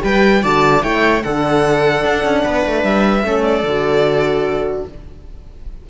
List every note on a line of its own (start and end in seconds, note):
0.00 0.44 G3
0.00 0.40 G4
0.00 0.43 B4
0.00 0.44 G5
0.43 0.84 D3
0.43 0.81 F#4
0.43 0.83 D5
0.43 0.83 A5
0.81 1.24 A3
0.81 1.22 E4
0.81 1.24 C#5
0.81 1.23 G5
1.23 2.05 D3
1.23 3.24 D4
1.23 2.44 A4
1.23 2.84 F#5
2.05 2.25 D4
2.25 2.45 C#4
2.44 2.66 B3
2.44 3.25 B4
2.66 2.84 A3
2.84 3.24 G3
2.84 3.44 E5
3.24 3.63 A3
3.24 3.64 C#4
3.24 4.88 A4
3.44 4.85 D5
3.63 4.84 D3
3.63 4.90 F#4